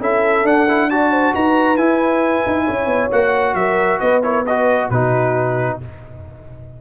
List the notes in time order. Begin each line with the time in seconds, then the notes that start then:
0.00 C#4 E4 A4 E5
0.44 D4 F#5
0.69 E4
0.90 F#4 D5 A5
1.11 C5
1.34 D#4 B4 A#5
1.77 E4 G#5
2.47 D#4
2.65 C#4 C#5
2.86 B3
3.12 A#3 F#4 F#5
3.55 F#3 A#4 E5
4.00 B3 B4 D#5
4.23 E4 A#4 C#5
4.46 F#4 B4 D#5
4.88 B2 D#4 F#4 B4